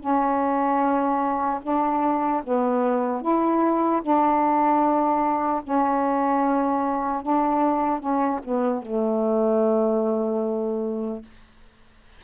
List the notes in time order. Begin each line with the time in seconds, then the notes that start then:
0.00 C#4
1.63 D4
2.44 B3
3.22 E4
4.02 D4
5.64 C#4
7.23 D4
8.00 C#4
8.44 B3
8.83 A3